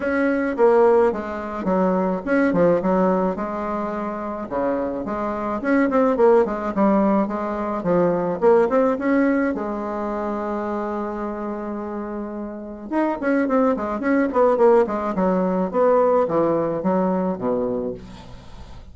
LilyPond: \new Staff \with { instrumentName = "bassoon" } { \time 4/4 \tempo 4 = 107 cis'4 ais4 gis4 fis4 | cis'8 f8 fis4 gis2 | cis4 gis4 cis'8 c'8 ais8 gis8 | g4 gis4 f4 ais8 c'8 |
cis'4 gis2.~ | gis2. dis'8 cis'8 | c'8 gis8 cis'8 b8 ais8 gis8 fis4 | b4 e4 fis4 b,4 | }